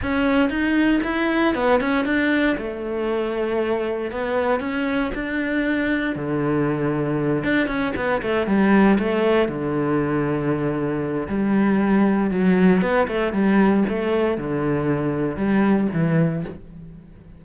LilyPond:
\new Staff \with { instrumentName = "cello" } { \time 4/4 \tempo 4 = 117 cis'4 dis'4 e'4 b8 cis'8 | d'4 a2. | b4 cis'4 d'2 | d2~ d8 d'8 cis'8 b8 |
a8 g4 a4 d4.~ | d2 g2 | fis4 b8 a8 g4 a4 | d2 g4 e4 | }